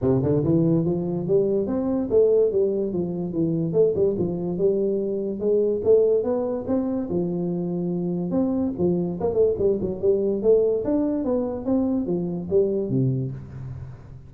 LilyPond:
\new Staff \with { instrumentName = "tuba" } { \time 4/4 \tempo 4 = 144 c8 d8 e4 f4 g4 | c'4 a4 g4 f4 | e4 a8 g8 f4 g4~ | g4 gis4 a4 b4 |
c'4 f2. | c'4 f4 ais8 a8 g8 fis8 | g4 a4 d'4 b4 | c'4 f4 g4 c4 | }